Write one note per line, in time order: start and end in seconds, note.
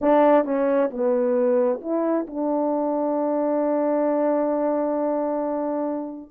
0.01 0.44 D4
0.44 0.90 C#4
0.90 1.80 B3
1.81 2.26 E4
2.26 6.31 D4